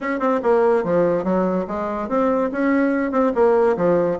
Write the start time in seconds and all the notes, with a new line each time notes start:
0.00 C#4
0.19 C4
0.42 A#3
0.84 F3
1.23 F#3
1.67 G#3
2.08 C4
2.52 C#4
3.11 C4
3.34 A#3
3.76 F3